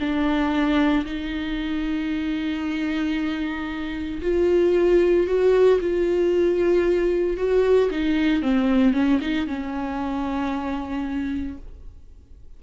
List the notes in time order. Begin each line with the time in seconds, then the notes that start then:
0.00 D4
1.05 D#4
4.22 F4
5.27 F#4
5.80 F4
7.37 F#4
7.90 D#4
8.42 C4
8.93 C#4
9.21 D#4
9.47 C#4